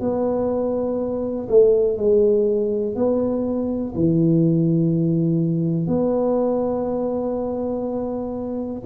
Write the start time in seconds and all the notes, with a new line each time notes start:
0.00 B3
1.48 A3
1.97 G#3
2.95 B3
3.95 E3
5.87 B3